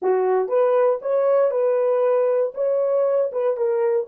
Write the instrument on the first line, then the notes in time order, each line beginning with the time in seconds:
horn
0.02 F#4
0.48 B4
1.01 C#5
1.50 B4
2.54 C#5
3.32 B4
3.56 A#4